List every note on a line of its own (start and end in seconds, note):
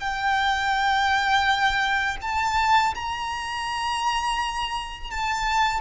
0.00 2.17 G5
2.22 2.94 A5
2.95 5.11 A#5
5.11 5.81 A5